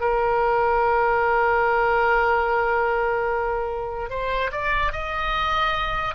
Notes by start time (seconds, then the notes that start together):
0.00 A#4
4.09 C5
4.51 D5
4.92 D#5